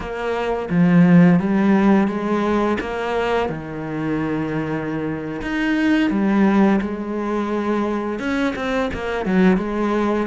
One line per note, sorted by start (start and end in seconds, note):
0.00 0.68 A#3
0.70 1.40 F3
1.40 2.07 G3
2.07 2.77 G#3
2.80 3.49 A#3
3.49 5.41 D#3
5.41 6.10 D#4
6.10 6.80 G3
6.81 8.19 G#3
8.19 8.54 C#4
8.55 8.90 C4
8.93 9.25 A#3
9.25 9.57 F#3
9.57 10.27 G#3